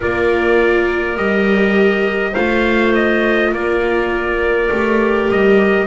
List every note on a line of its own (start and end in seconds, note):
0.00 1.17 A#3
0.00 1.15 F4
0.00 2.31 A#4
0.00 1.16 D5
1.15 2.34 G3
1.15 2.33 G4
1.15 2.34 D#5
2.31 3.52 A3
2.31 4.71 F4
2.31 3.49 C5
2.31 2.93 F5
2.94 3.53 D#5
3.52 4.69 A#3
3.52 5.86 A#4
3.52 5.30 D5
4.70 5.29 A3
4.70 5.86 G4
5.30 5.86 G3
5.30 5.86 D#5